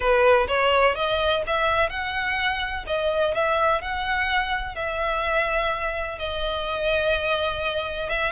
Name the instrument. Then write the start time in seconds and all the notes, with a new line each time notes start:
violin
0.00 B4
0.47 C#5
0.95 D#5
1.46 E5
1.89 F#5
2.86 D#5
3.34 E5
3.81 F#5
4.75 E5
6.18 D#5
8.09 E5